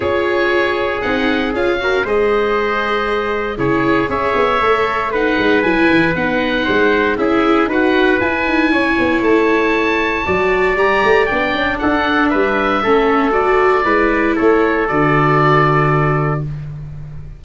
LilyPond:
<<
  \new Staff \with { instrumentName = "oboe" } { \time 4/4 \tempo 4 = 117 cis''2 fis''4 f''4 | dis''2. cis''4 | e''2 fis''4 gis''4 | fis''2 e''4 fis''4 |
gis''2 a''2~ | a''4 ais''4 g''4 fis''4 | e''2 d''2 | cis''4 d''2. | }
  \new Staff \with { instrumentName = "trumpet" } { \time 4/4 gis'2.~ gis'8 ais'8 | c''2. gis'4 | cis''2 b'2~ | b'4 c''4 gis'4 b'4~ |
b'4 cis''2. | d''2. a'4 | b'4 a'2 b'4 | a'1 | }
  \new Staff \with { instrumentName = "viola" } { \time 4/4 f'2 dis'4 f'8 fis'8 | gis'2. e'4 | gis'4 a'4 dis'4 e'4 | dis'2 e'4 fis'4 |
e'1 | fis'4 g'4 d'2~ | d'4 cis'4 fis'4 e'4~ | e'4 fis'2. | }
  \new Staff \with { instrumentName = "tuba" } { \time 4/4 cis'2 c'4 cis'4 | gis2. cis4 | cis'8 b8 a4. gis8 fis8 e8 | b4 gis4 cis'4 dis'4 |
e'8 dis'8 cis'8 b8 a2 | fis4 g8 a8 b8 cis'8 d'4 | g4 a2 gis4 | a4 d2. | }
>>